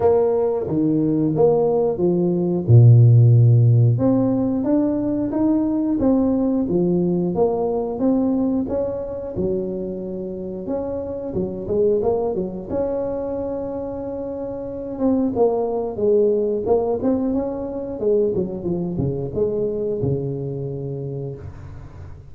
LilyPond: \new Staff \with { instrumentName = "tuba" } { \time 4/4 \tempo 4 = 90 ais4 dis4 ais4 f4 | ais,2 c'4 d'4 | dis'4 c'4 f4 ais4 | c'4 cis'4 fis2 |
cis'4 fis8 gis8 ais8 fis8 cis'4~ | cis'2~ cis'8 c'8 ais4 | gis4 ais8 c'8 cis'4 gis8 fis8 | f8 cis8 gis4 cis2 | }